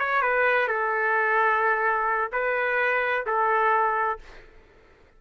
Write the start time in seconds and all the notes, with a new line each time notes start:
0.00 C#5
0.22 B4
0.68 A4
2.33 B4
3.27 A4